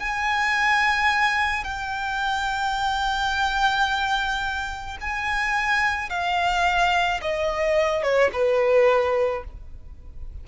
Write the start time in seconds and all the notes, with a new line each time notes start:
0.00 G#5
1.65 G5
5.01 G#5
6.10 F5
7.22 D#5
8.03 C#5
8.33 B4